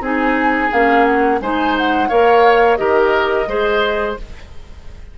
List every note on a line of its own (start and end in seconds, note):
0.00 0.69 C4
0.00 0.71 D#4
0.00 1.39 G#4
0.00 0.73 G#5
0.72 1.41 A#3
0.72 1.41 C#4
0.72 1.05 F5
1.05 1.39 F#5
1.41 2.09 G#3
1.41 2.10 D#4
1.41 2.09 C5
1.41 1.76 G#5
1.77 2.09 F#5
2.09 2.79 A#3
2.09 2.77 A#4
2.09 2.78 C#5
2.09 2.76 F5
2.76 3.47 D#3
2.76 3.46 G4
2.76 3.49 A#4
2.76 4.14 D#5
3.47 4.16 G#3
3.47 4.17 G#4
3.47 4.18 C5